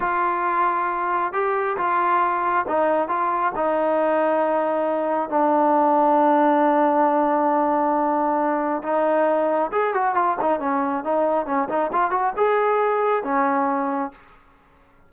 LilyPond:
\new Staff \with { instrumentName = "trombone" } { \time 4/4 \tempo 4 = 136 f'2. g'4 | f'2 dis'4 f'4 | dis'1 | d'1~ |
d'1 | dis'2 gis'8 fis'8 f'8 dis'8 | cis'4 dis'4 cis'8 dis'8 f'8 fis'8 | gis'2 cis'2 | }